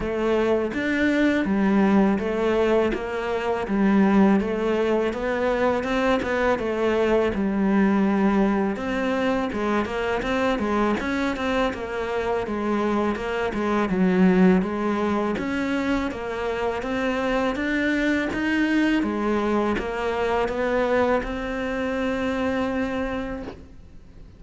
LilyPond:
\new Staff \with { instrumentName = "cello" } { \time 4/4 \tempo 4 = 82 a4 d'4 g4 a4 | ais4 g4 a4 b4 | c'8 b8 a4 g2 | c'4 gis8 ais8 c'8 gis8 cis'8 c'8 |
ais4 gis4 ais8 gis8 fis4 | gis4 cis'4 ais4 c'4 | d'4 dis'4 gis4 ais4 | b4 c'2. | }